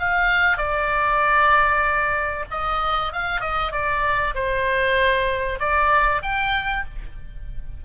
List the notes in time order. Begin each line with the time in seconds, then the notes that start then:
0.00 F5
0.58 D5
2.51 D#5
3.13 F5
3.41 D#5
3.72 D5
4.35 C5
5.60 D5
6.23 G5